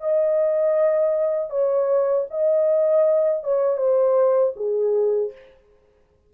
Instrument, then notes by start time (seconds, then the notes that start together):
horn
0.00 D#5
1.50 C#5
2.30 D#5
3.43 C#5
3.77 C5
4.55 G#4